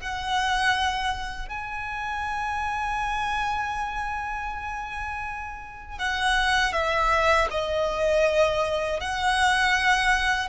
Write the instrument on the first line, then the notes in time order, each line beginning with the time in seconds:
violin
0.00 F#5
1.48 G#5
5.98 F#5
6.72 E5
7.50 D#5
9.00 F#5